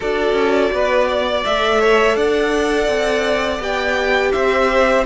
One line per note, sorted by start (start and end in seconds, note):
0.00 0.32 D4
0.00 1.44 F#4
0.00 0.72 A4
0.00 1.45 D5
0.32 0.68 C#4
0.72 1.44 B3
0.72 1.08 B4
1.08 1.80 D5
1.44 2.16 A3
1.44 3.60 A4
1.44 2.17 E5
1.80 2.15 C#5
2.15 2.87 D4
2.15 4.32 D5
2.15 3.61 F#5
2.87 3.59 C4
3.59 4.31 B3
3.59 5.05 G4
3.59 4.31 G5
4.31 5.05 C4
4.31 5.05 C5
4.31 5.04 E5